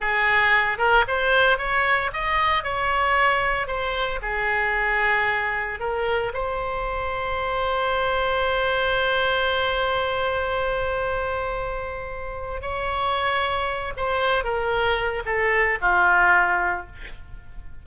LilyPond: \new Staff \with { instrumentName = "oboe" } { \time 4/4 \tempo 4 = 114 gis'4. ais'8 c''4 cis''4 | dis''4 cis''2 c''4 | gis'2. ais'4 | c''1~ |
c''1~ | c''1 | cis''2~ cis''8 c''4 ais'8~ | ais'4 a'4 f'2 | }